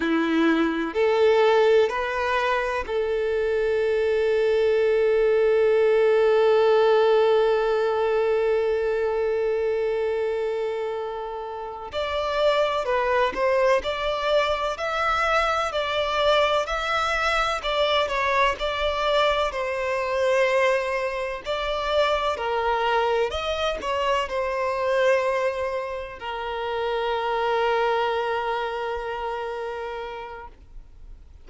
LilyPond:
\new Staff \with { instrumentName = "violin" } { \time 4/4 \tempo 4 = 63 e'4 a'4 b'4 a'4~ | a'1~ | a'1~ | a'8 d''4 b'8 c''8 d''4 e''8~ |
e''8 d''4 e''4 d''8 cis''8 d''8~ | d''8 c''2 d''4 ais'8~ | ais'8 dis''8 cis''8 c''2 ais'8~ | ais'1 | }